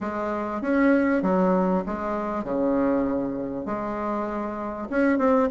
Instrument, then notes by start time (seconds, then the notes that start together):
bassoon
0.01 G#3
0.61 C#4
1.22 F#3
1.85 G#3
2.44 C#3
3.65 G#3
4.90 C#4
5.18 C4